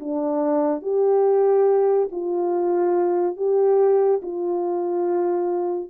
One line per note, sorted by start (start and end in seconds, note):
0.00 0.82 D4
0.82 2.09 G4
2.12 3.37 F4
3.37 4.21 G4
4.23 5.90 F4